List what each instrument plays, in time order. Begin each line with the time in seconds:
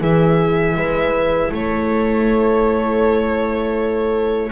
0.00 double bass E3, viola E4, horn G#4, violin E5
0.75 double bass G#3, horn B4
1.51 double bass A3, horn A4, violin C#5